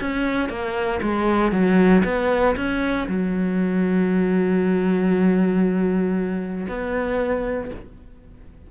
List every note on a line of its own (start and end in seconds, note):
0.00 0.49 C#4
0.49 1.00 A#3
1.01 1.52 G#3
1.52 2.03 F#3
2.04 2.55 B3
2.56 3.07 C#4
3.08 6.67 F#3
6.68 7.70 B3